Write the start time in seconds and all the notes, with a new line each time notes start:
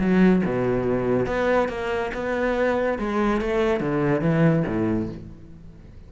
0.00 F#3
0.45 B2
1.26 B3
1.69 A#3
2.14 B3
2.99 G#3
3.41 A3
3.80 D3
4.21 E3
4.67 A2